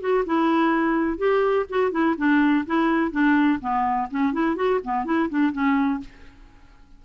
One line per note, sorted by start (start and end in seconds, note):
0.00 0.24 F#4
0.26 1.18 E4
1.18 1.66 G4
1.69 1.91 F#4
1.91 2.15 E4
2.17 2.65 D4
2.66 3.11 E4
3.11 3.59 D4
3.60 4.08 B3
4.10 4.33 C#4
4.33 4.56 E4
4.56 4.80 F#4
4.83 5.05 B3
5.05 5.29 E4
5.29 5.52 D4
5.52 6.00 C#4